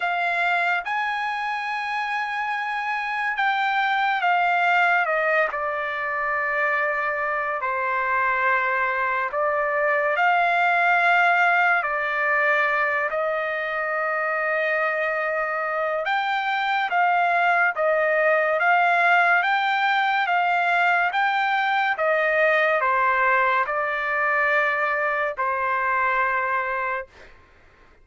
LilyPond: \new Staff \with { instrumentName = "trumpet" } { \time 4/4 \tempo 4 = 71 f''4 gis''2. | g''4 f''4 dis''8 d''4.~ | d''4 c''2 d''4 | f''2 d''4. dis''8~ |
dis''2. g''4 | f''4 dis''4 f''4 g''4 | f''4 g''4 dis''4 c''4 | d''2 c''2 | }